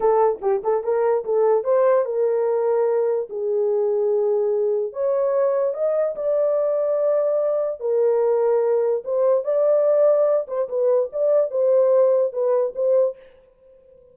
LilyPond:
\new Staff \with { instrumentName = "horn" } { \time 4/4 \tempo 4 = 146 a'4 g'8 a'8 ais'4 a'4 | c''4 ais'2. | gis'1 | cis''2 dis''4 d''4~ |
d''2. ais'4~ | ais'2 c''4 d''4~ | d''4. c''8 b'4 d''4 | c''2 b'4 c''4 | }